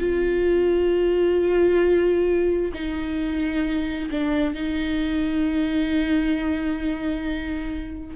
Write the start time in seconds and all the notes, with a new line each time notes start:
0.00 F4
2.74 D#4
4.11 D4
4.55 D#4